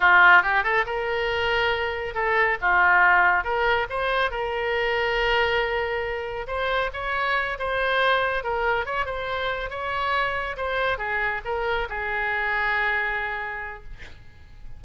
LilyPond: \new Staff \with { instrumentName = "oboe" } { \time 4/4 \tempo 4 = 139 f'4 g'8 a'8 ais'2~ | ais'4 a'4 f'2 | ais'4 c''4 ais'2~ | ais'2. c''4 |
cis''4. c''2 ais'8~ | ais'8 cis''8 c''4. cis''4.~ | cis''8 c''4 gis'4 ais'4 gis'8~ | gis'1 | }